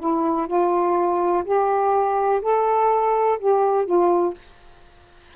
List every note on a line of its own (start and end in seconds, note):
0.00 0.48 E4
0.48 1.44 F4
1.45 2.41 G4
2.42 3.39 A4
3.40 3.86 G4
3.86 4.35 F4